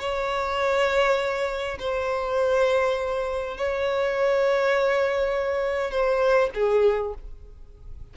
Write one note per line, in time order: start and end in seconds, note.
0.00 1.78 C#5
1.80 3.58 C5
3.58 5.91 C#5
5.91 6.50 C5
6.55 7.14 G#4